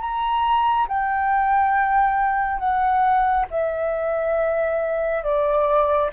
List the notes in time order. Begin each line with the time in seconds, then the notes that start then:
0.00 A#5
0.88 G5
2.58 F#5
3.50 E5
5.23 D5